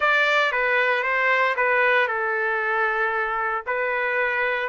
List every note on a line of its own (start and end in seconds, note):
0.00 0.52 D5
0.52 1.03 B4
1.03 1.55 C5
1.56 2.07 B4
2.07 3.64 A4
3.66 4.69 B4